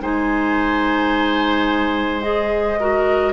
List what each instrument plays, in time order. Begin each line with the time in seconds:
0.00 bassoon G#3, clarinet D#4, oboe C5, flute G#5
2.22 clarinet G#4, flute D#5
2.79 clarinet F#4, oboe A#4